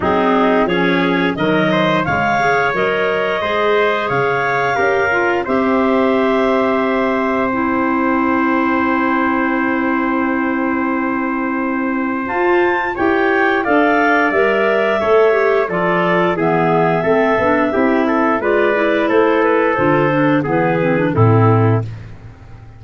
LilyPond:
<<
  \new Staff \with { instrumentName = "clarinet" } { \time 4/4 \tempo 4 = 88 gis'4 cis''4 dis''4 f''4 | dis''2 f''2 | e''2. g''4~ | g''1~ |
g''2 a''4 g''4 | f''4 e''2 d''4 | e''2. d''4 | c''8 b'8 c''4 b'4 a'4 | }
  \new Staff \with { instrumentName = "trumpet" } { \time 4/4 dis'4 gis'4 ais'8 c''8 cis''4~ | cis''4 c''4 cis''4 ais'4 | c''1~ | c''1~ |
c''2. cis''4 | d''2 cis''4 a'4 | gis'4 a'4 g'8 a'8 b'4 | a'2 gis'4 e'4 | }
  \new Staff \with { instrumentName = "clarinet" } { \time 4/4 c'4 cis'4 fis4 gis8 gis'8 | ais'4 gis'2 g'8 f'8 | g'2. e'4~ | e'1~ |
e'2 f'4 g'4 | a'4 ais'4 a'8 g'8 f'4 | b4 c'8 d'8 e'4 f'8 e'8~ | e'4 f'8 d'8 b8 c'16 d'16 c'4 | }
  \new Staff \with { instrumentName = "tuba" } { \time 4/4 fis4 f4 dis4 cis4 | fis4 gis4 cis4 cis'4 | c'1~ | c'1~ |
c'2 f'4 e'4 | d'4 g4 a4 f4 | e4 a8 b8 c'4 gis4 | a4 d4 e4 a,4 | }
>>